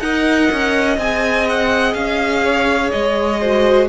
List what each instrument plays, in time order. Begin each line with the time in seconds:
0.00 cello D#4, viola A#4, violin D#5 F#5
0.52 cello C#4
0.98 cello C4, viola G#4, violin G#5
1.49 violin F#5
1.94 cello C#4, violin F5
2.45 violin C#5
2.91 cello G#3, violin D#5
3.41 viola F#4, violin C5